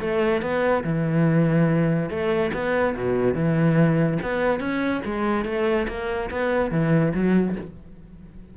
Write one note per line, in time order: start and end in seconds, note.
0.00 0.41 A3
0.41 0.83 B3
0.83 2.09 E3
2.09 2.51 A3
2.53 2.95 B3
2.96 3.34 B2
3.34 4.18 E3
4.22 4.59 B3
4.59 5.01 C#4
5.04 5.45 G#3
5.45 5.87 A3
5.88 6.30 A#3
6.30 6.71 B3
6.71 7.13 E3
7.13 7.55 F#3